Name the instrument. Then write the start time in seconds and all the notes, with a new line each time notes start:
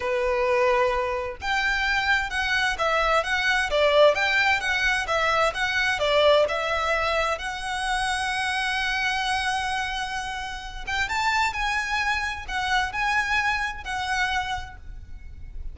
violin
0.00 B4
1.41 G5
2.30 F#5
2.78 E5
3.23 F#5
3.70 D5
4.15 G5
4.60 F#5
5.07 E5
5.53 F#5
5.99 D5
6.48 E5
7.38 F#5
10.86 G5
11.09 A5
11.53 G#5
12.47 F#5
12.92 G#5
13.84 F#5